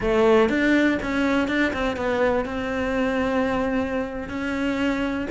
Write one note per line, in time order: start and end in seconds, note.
0.00 0.49 A3
0.49 0.98 D4
1.02 1.48 C#4
1.48 1.72 D4
1.73 1.96 C4
1.96 2.45 B3
2.45 4.28 C4
4.28 5.27 C#4